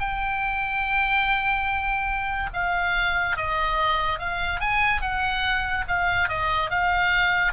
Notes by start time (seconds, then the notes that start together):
0.00 G5
2.53 F5
3.37 D#5
4.19 F5
4.61 G#5
5.02 F#5
5.88 F5
6.29 D#5
6.70 F5